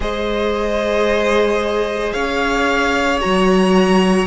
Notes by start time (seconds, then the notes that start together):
0.00 G#3 G#4 C5 D#5
2.12 C#4 C#5 F5
3.20 F#3 F#4 A#5